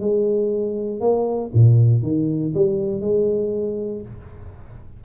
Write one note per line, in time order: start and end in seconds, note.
0.00 1.00 G#3
1.00 1.51 A#3
1.53 2.03 A#2
2.03 2.53 D#3
2.54 3.01 G3
3.01 4.02 G#3